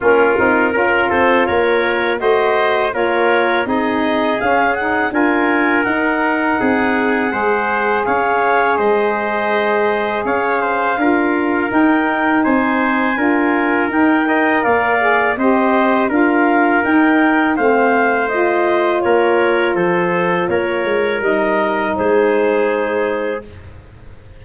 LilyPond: <<
  \new Staff \with { instrumentName = "clarinet" } { \time 4/4 \tempo 4 = 82 ais'4. c''8 cis''4 dis''4 | cis''4 dis''4 f''8 fis''8 gis''4 | fis''2. f''4 | dis''2 f''2 |
g''4 gis''2 g''4 | f''4 dis''4 f''4 g''4 | f''4 dis''4 cis''4 c''4 | cis''4 dis''4 c''2 | }
  \new Staff \with { instrumentName = "trumpet" } { \time 4/4 f'4 ais'8 a'8 ais'4 c''4 | ais'4 gis'2 ais'4~ | ais'4 gis'4 c''4 cis''4 | c''2 cis''8 c''8 ais'4~ |
ais'4 c''4 ais'4. dis''8 | d''4 c''4 ais'2 | c''2 ais'4 a'4 | ais'2 gis'2 | }
  \new Staff \with { instrumentName = "saxophone" } { \time 4/4 cis'8 dis'8 f'2 fis'4 | f'4 dis'4 cis'8 dis'8 f'4 | dis'2 gis'2~ | gis'2. f'4 |
dis'2 f'4 dis'8 ais'8~ | ais'8 gis'8 g'4 f'4 dis'4 | c'4 f'2.~ | f'4 dis'2. | }
  \new Staff \with { instrumentName = "tuba" } { \time 4/4 ais8 c'8 cis'8 c'8 ais4 a4 | ais4 c'4 cis'4 d'4 | dis'4 c'4 gis4 cis'4 | gis2 cis'4 d'4 |
dis'4 c'4 d'4 dis'4 | ais4 c'4 d'4 dis'4 | a2 ais4 f4 | ais8 gis8 g4 gis2 | }
>>